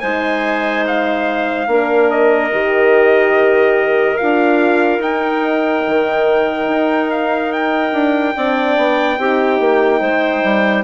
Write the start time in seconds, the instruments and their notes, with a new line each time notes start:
0.00 bassoon G#3, horn D#4, clarinet C5, trumpet G#5
0.86 trumpet F5
1.67 bassoon A#3, horn D4, clarinet A#4
2.10 trumpet D#5
2.51 bassoon D#3, horn G4
4.17 bassoon D4, horn F4, trumpet F5
4.98 bassoon D#4, horn D#4, trumpet G5
5.87 bassoon D#3
6.66 bassoon D#4
7.10 trumpet F5
7.52 trumpet G5
7.92 bassoon D4
8.35 bassoon C4, horn D4, clarinet D5
8.76 bassoon B3
9.17 bassoon C4, horn D#4, clarinet G4
9.59 bassoon A#3
10.00 bassoon G#3, clarinet C5
10.43 bassoon G3